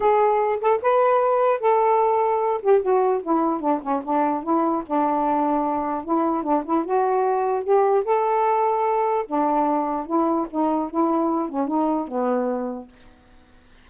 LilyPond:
\new Staff \with { instrumentName = "saxophone" } { \time 4/4 \tempo 4 = 149 gis'4. a'8 b'2 | a'2~ a'8 g'8 fis'4 | e'4 d'8 cis'8 d'4 e'4 | d'2. e'4 |
d'8 e'8 fis'2 g'4 | a'2. d'4~ | d'4 e'4 dis'4 e'4~ | e'8 cis'8 dis'4 b2 | }